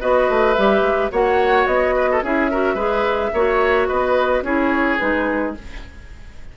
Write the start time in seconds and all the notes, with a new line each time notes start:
0.00 B3 F#4 B4 D#5
0.29 A3
0.54 G3 G4 E5
0.81 G#3
1.11 A#3 F#4 C#5 F#5
1.66 B3 D#5
1.95 B4
2.11 A4
2.22 C#4 E4 G#4 E5
2.51 F#4 A#4
2.75 G#3 G#4 B4
3.33 A#3 F#4 C#5
3.87 B3 B4 D#5
4.42 C#4 E4 G#4 C#5
4.98 G#3 D#4 B4